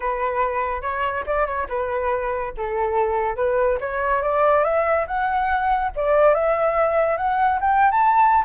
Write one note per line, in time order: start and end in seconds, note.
0.00 0.81 B4
0.81 1.23 C#5
1.26 1.46 D5
1.46 1.67 C#5
1.68 2.53 B4
2.57 3.36 A4
3.36 3.78 B4
3.80 4.22 C#5
4.22 4.63 D5
4.63 5.06 E5
5.07 5.91 F#5
5.95 6.34 D5
6.34 7.17 E5
7.17 7.59 F#5
7.61 7.91 G5
7.91 8.44 A5